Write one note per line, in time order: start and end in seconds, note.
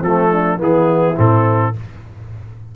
0.00 0.59 F3
0.00 0.28 C4
0.00 0.60 A4
0.07 0.58 A3
0.32 0.60 D4
0.58 1.15 E3
0.58 1.15 B3
0.58 1.75 E4
0.58 1.19 G#4
1.17 1.75 A2
1.17 1.73 C4
1.17 1.76 A4